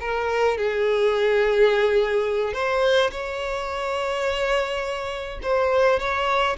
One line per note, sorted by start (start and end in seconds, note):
0.00 0.57 A#4
0.57 2.53 G#4
2.53 3.10 C5
3.11 5.39 C#5
5.42 5.99 C5
5.99 6.56 C#5